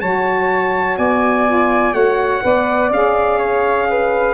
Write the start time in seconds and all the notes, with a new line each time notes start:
0.00 F#3 F#4 C#5 A5
0.97 B3 D5 G#5
1.47 F4
1.92 A3 F#4 C#5 F#5
2.42 B3 B4 D5
2.90 C#4 G#4 F5
3.37 C#5
3.89 B4